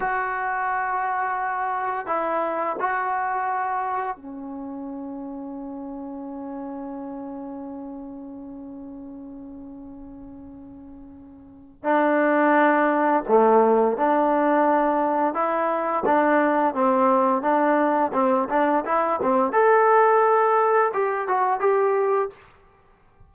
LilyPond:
\new Staff \with { instrumentName = "trombone" } { \time 4/4 \tempo 4 = 86 fis'2. e'4 | fis'2 cis'2~ | cis'1~ | cis'1~ |
cis'4 d'2 a4 | d'2 e'4 d'4 | c'4 d'4 c'8 d'8 e'8 c'8 | a'2 g'8 fis'8 g'4 | }